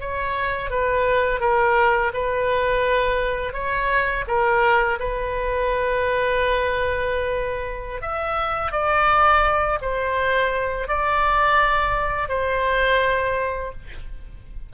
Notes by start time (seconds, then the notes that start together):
0.00 C#5
0.70 B4
1.40 A#4
2.14 B4
3.53 C#5
4.27 A#4
4.99 B4
8.02 E5
8.72 D5
9.81 C5
10.88 D5
12.29 C5